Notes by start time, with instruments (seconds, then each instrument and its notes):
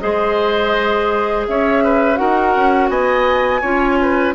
0.00 bassoon G#3, clarinet G#4, oboe C5, flute D#5
1.48 bassoon C#4, oboe C#5, flute E5
1.84 oboe B4
2.16 bassoon D#4, clarinet F#4, oboe A#4, flute F#5
2.56 bassoon C#4
2.89 bassoon B3, oboe D#5, flute G#5
3.61 bassoon C#4, clarinet F4, oboe C#5
4.02 oboe B4